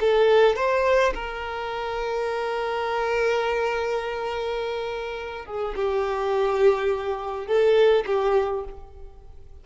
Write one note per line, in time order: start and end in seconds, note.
0.00 0.55 A4
0.55 1.13 C5
1.14 5.45 A#4
5.45 5.74 G#4
5.75 7.47 G4
7.47 8.05 A4
8.06 8.64 G4